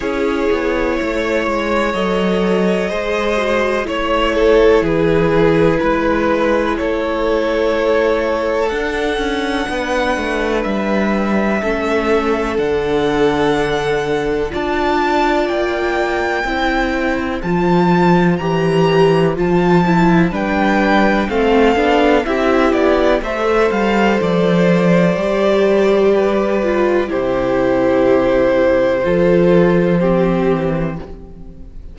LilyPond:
<<
  \new Staff \with { instrumentName = "violin" } { \time 4/4 \tempo 4 = 62 cis''2 dis''2 | cis''4 b'2 cis''4~ | cis''4 fis''2 e''4~ | e''4 fis''2 a''4 |
g''2 a''4 ais''4 | a''4 g''4 f''4 e''8 d''8 | e''8 f''8 d''2. | c''1 | }
  \new Staff \with { instrumentName = "violin" } { \time 4/4 gis'4 cis''2 c''4 | cis''8 a'8 gis'4 b'4 a'4~ | a'2 b'2 | a'2. d''4~ |
d''4 c''2.~ | c''4 b'4 a'4 g'4 | c''2. b'4 | g'2 a'4 g'4 | }
  \new Staff \with { instrumentName = "viola" } { \time 4/4 e'2 a'4 gis'8 fis'8 | e'1~ | e'4 d'2. | cis'4 d'2 f'4~ |
f'4 e'4 f'4 g'4 | f'8 e'8 d'4 c'8 d'8 e'4 | a'2 g'4. f'8 | e'2 f'4 c'4 | }
  \new Staff \with { instrumentName = "cello" } { \time 4/4 cis'8 b8 a8 gis8 fis4 gis4 | a4 e4 gis4 a4~ | a4 d'8 cis'8 b8 a8 g4 | a4 d2 d'4 |
ais4 c'4 f4 e4 | f4 g4 a8 b8 c'8 b8 | a8 g8 f4 g2 | c2 f4. e8 | }
>>